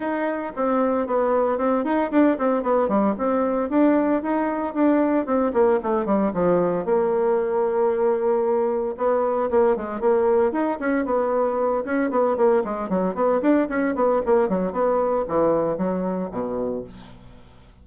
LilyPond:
\new Staff \with { instrumentName = "bassoon" } { \time 4/4 \tempo 4 = 114 dis'4 c'4 b4 c'8 dis'8 | d'8 c'8 b8 g8 c'4 d'4 | dis'4 d'4 c'8 ais8 a8 g8 | f4 ais2.~ |
ais4 b4 ais8 gis8 ais4 | dis'8 cis'8 b4. cis'8 b8 ais8 | gis8 fis8 b8 d'8 cis'8 b8 ais8 fis8 | b4 e4 fis4 b,4 | }